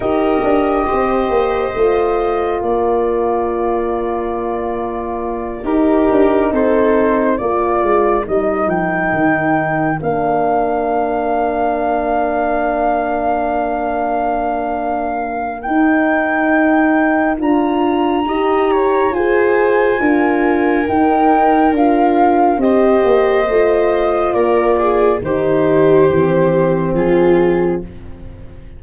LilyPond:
<<
  \new Staff \with { instrumentName = "flute" } { \time 4/4 \tempo 4 = 69 dis''2. d''4~ | d''2~ d''8 ais'4 c''8~ | c''8 d''4 dis''8 g''4. f''8~ | f''1~ |
f''2 g''2 | ais''2 gis''2 | g''4 f''4 dis''2 | d''4 c''2 gis'4 | }
  \new Staff \with { instrumentName = "viola" } { \time 4/4 ais'4 c''2 ais'4~ | ais'2~ ais'8 g'4 a'8~ | a'8 ais'2.~ ais'8~ | ais'1~ |
ais'1~ | ais'4 dis''8 cis''8 c''4 ais'4~ | ais'2 c''2 | ais'8 gis'8 g'2 f'4 | }
  \new Staff \with { instrumentName = "horn" } { \time 4/4 g'2 f'2~ | f'2~ f'8 dis'4.~ | dis'8 f'4 dis'2 d'8~ | d'1~ |
d'2 dis'2 | f'4 g'4 gis'4 f'4 | dis'4 f'4 g'4 f'4~ | f'4 dis'4 c'2 | }
  \new Staff \with { instrumentName = "tuba" } { \time 4/4 dis'8 d'8 c'8 ais8 a4 ais4~ | ais2~ ais8 dis'8 d'8 c'8~ | c'8 ais8 gis8 g8 f8 dis4 ais8~ | ais1~ |
ais2 dis'2 | d'4 dis'4 f'4 d'4 | dis'4 d'4 c'8 ais8 a4 | ais4 dis4 e4 f4 | }
>>